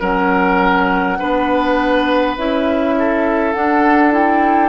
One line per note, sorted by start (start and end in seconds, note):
0.00 1.19 F#3
0.00 1.18 C#4
0.00 1.18 A#4
0.00 2.37 F#5
1.19 2.37 B3
1.19 2.37 D4
1.19 2.96 B4
2.37 3.55 C#4
2.37 3.55 E4
2.37 3.53 E5
2.99 4.69 A4
3.53 4.12 D4
3.53 4.69 D4
3.53 4.12 F#5
4.12 4.69 E4
4.12 4.69 G5